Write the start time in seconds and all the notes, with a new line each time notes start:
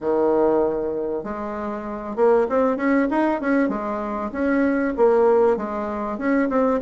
0.01 D#3
1.23 G#3
2.16 A#3
2.49 C4
2.76 C#4
3.10 D#4
3.40 C#4
3.69 G#3
4.32 C#4
4.96 A#3
5.56 G#3
6.18 C#4
6.49 C4